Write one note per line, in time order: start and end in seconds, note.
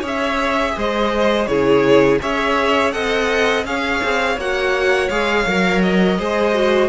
0.00 0.76 C#4
0.00 1.48 G#4
0.00 0.72 C#5
0.07 0.79 E5
0.76 1.47 G#3
0.76 1.49 C5
0.76 1.46 D#5
1.46 2.20 C#3
1.46 2.20 E4
1.46 2.21 G#4
1.46 2.18 C#5
2.20 2.94 C#4
2.20 2.92 G#4
2.20 2.94 C#5
2.20 2.92 E5
2.92 3.64 C4
2.92 3.64 A4
2.92 3.66 D#5
2.92 3.64 F#5
3.64 4.01 C#4
3.64 4.36 G#4
3.64 6.18 C#5
3.64 4.38 F5
4.03 4.37 C4
4.37 5.09 A#3
4.37 5.11 F#4
4.37 5.09 F#5
5.09 5.46 G#3
5.09 5.47 G#4
5.09 5.81 F5
5.47 6.18 F#3
5.47 6.19 A#4
5.82 6.89 D#5
6.18 6.89 G#3
6.18 6.54 G#4
6.18 6.89 C5
6.54 6.89 F#4